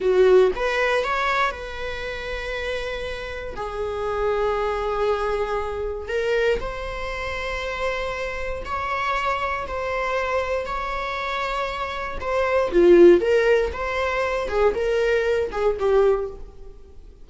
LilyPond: \new Staff \with { instrumentName = "viola" } { \time 4/4 \tempo 4 = 118 fis'4 b'4 cis''4 b'4~ | b'2. gis'4~ | gis'1 | ais'4 c''2.~ |
c''4 cis''2 c''4~ | c''4 cis''2. | c''4 f'4 ais'4 c''4~ | c''8 gis'8 ais'4. gis'8 g'4 | }